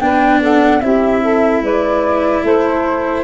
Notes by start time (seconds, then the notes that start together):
0.00 B3 D4 B4 G5
0.40 A4 F#5
0.81 C4 E4 G4 E5
1.22 A4
1.61 G#3 B4 D5
2.42 A3 A4 C5